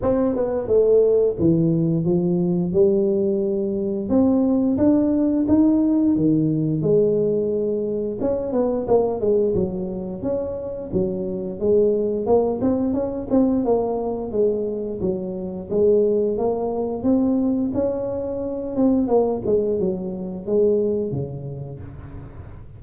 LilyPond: \new Staff \with { instrumentName = "tuba" } { \time 4/4 \tempo 4 = 88 c'8 b8 a4 e4 f4 | g2 c'4 d'4 | dis'4 dis4 gis2 | cis'8 b8 ais8 gis8 fis4 cis'4 |
fis4 gis4 ais8 c'8 cis'8 c'8 | ais4 gis4 fis4 gis4 | ais4 c'4 cis'4. c'8 | ais8 gis8 fis4 gis4 cis4 | }